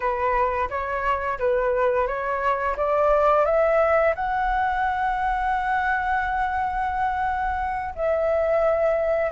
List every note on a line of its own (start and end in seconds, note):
0.00 0.68 B4
0.69 1.38 C#5
1.38 2.07 B4
2.07 2.76 C#5
2.76 3.45 D5
3.45 4.14 E5
4.15 7.94 F#5
7.95 9.31 E5